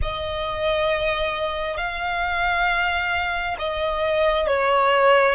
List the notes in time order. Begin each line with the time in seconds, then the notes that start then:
0.02 D#5
1.77 F5
3.59 D#5
4.47 C#5